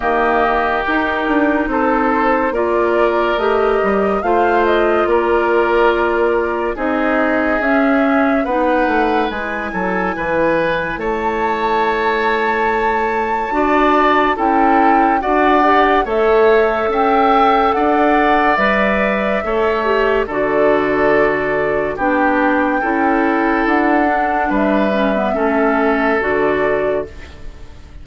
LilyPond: <<
  \new Staff \with { instrumentName = "flute" } { \time 4/4 \tempo 4 = 71 dis''4 ais'4 c''4 d''4 | dis''4 f''8 dis''8 d''2 | dis''4 e''4 fis''4 gis''4~ | gis''4 a''2.~ |
a''4 g''4 fis''4 e''4 | g''4 fis''4 e''2 | d''2 g''2 | fis''4 e''2 d''4 | }
  \new Staff \with { instrumentName = "oboe" } { \time 4/4 g'2 a'4 ais'4~ | ais'4 c''4 ais'2 | gis'2 b'4. a'8 | b'4 cis''2. |
d''4 a'4 d''4 cis''4 | e''4 d''2 cis''4 | a'2 g'4 a'4~ | a'4 b'4 a'2 | }
  \new Staff \with { instrumentName = "clarinet" } { \time 4/4 ais4 dis'2 f'4 | g'4 f'2. | dis'4 cis'4 dis'4 e'4~ | e'1 |
fis'4 e'4 fis'8 g'8 a'4~ | a'2 b'4 a'8 g'8 | fis'2 d'4 e'4~ | e'8 d'4 cis'16 b16 cis'4 fis'4 | }
  \new Staff \with { instrumentName = "bassoon" } { \time 4/4 dis4 dis'8 d'8 c'4 ais4 | a8 g8 a4 ais2 | c'4 cis'4 b8 a8 gis8 fis8 | e4 a2. |
d'4 cis'4 d'4 a4 | cis'4 d'4 g4 a4 | d2 b4 cis'4 | d'4 g4 a4 d4 | }
>>